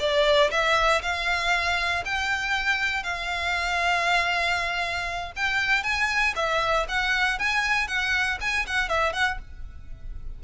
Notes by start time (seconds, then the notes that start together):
0.00 D5
0.51 E5
1.03 F5
2.06 G5
3.04 F5
5.36 G5
5.84 G#5
6.36 E5
6.89 F#5
7.39 G#5
7.88 F#5
8.41 G#5
8.67 F#5
8.90 E5
9.13 F#5